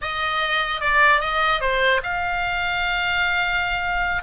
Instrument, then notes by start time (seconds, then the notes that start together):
oboe
0.01 D#5
0.80 D5
1.21 D#5
1.60 C5
2.03 F5